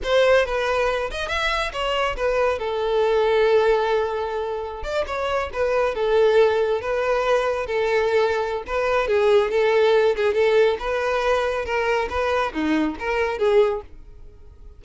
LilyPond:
\new Staff \with { instrumentName = "violin" } { \time 4/4 \tempo 4 = 139 c''4 b'4. dis''8 e''4 | cis''4 b'4 a'2~ | a'2.~ a'16 d''8 cis''16~ | cis''8. b'4 a'2 b'16~ |
b'4.~ b'16 a'2~ a'16 | b'4 gis'4 a'4. gis'8 | a'4 b'2 ais'4 | b'4 dis'4 ais'4 gis'4 | }